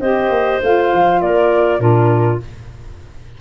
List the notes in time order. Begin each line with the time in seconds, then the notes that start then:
0.00 C4 G4 C5 D#5
0.29 A#3
0.63 A3 F4 F5
0.94 F3
1.22 A#3 A#4 D5
1.79 A#2 D4 F4 A#4